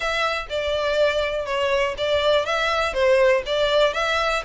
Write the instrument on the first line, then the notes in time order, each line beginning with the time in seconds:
violin
0.00 E5
0.49 D5
1.45 C#5
1.97 D5
2.45 E5
2.93 C5
3.46 D5
3.93 E5